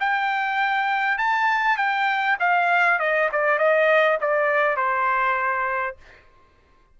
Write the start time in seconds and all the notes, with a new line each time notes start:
0.00 G5
1.18 A5
1.77 G5
2.39 F5
2.99 D#5
3.32 D5
3.58 D#5
4.21 D5
4.76 C5